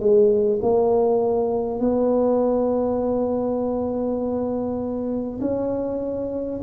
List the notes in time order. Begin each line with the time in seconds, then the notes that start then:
0.00 G#3
0.62 A#3
1.79 B3
5.41 C#4